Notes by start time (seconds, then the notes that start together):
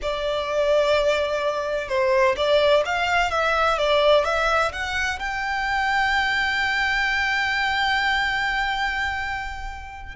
0.02 D5
1.88 C5
2.36 D5
2.85 F5
3.30 E5
3.78 D5
4.24 E5
4.72 F#5
5.19 G5